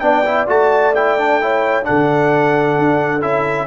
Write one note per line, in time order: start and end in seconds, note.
0.00 0.48 B3
0.00 0.25 D4
0.00 1.41 D5
0.00 0.46 G5
0.25 0.48 E4
0.48 1.85 A3
0.48 0.94 F#4
0.48 0.95 A5
0.95 1.19 E4
0.95 1.85 G5
1.19 1.42 D4
1.42 1.84 E4
1.42 1.88 C#5
1.84 3.21 D4
1.84 3.67 A4
1.84 3.22 F#5
1.90 2.79 D3
2.79 3.23 D4
3.22 3.67 C#4
3.22 3.67 E4
3.22 3.67 E5